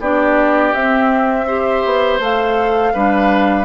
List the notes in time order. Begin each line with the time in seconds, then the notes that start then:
0.00 B3 D4 G4 D5
0.73 C4 E5
1.46 G4 C5
1.85 B3
2.19 A3 A4 F5
2.93 G3 D4 B4